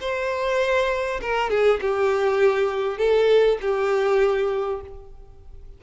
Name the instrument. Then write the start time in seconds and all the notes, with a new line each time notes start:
violin
0.00 C5
1.21 A#4
1.49 G#4
1.81 G4
2.98 A4
3.61 G4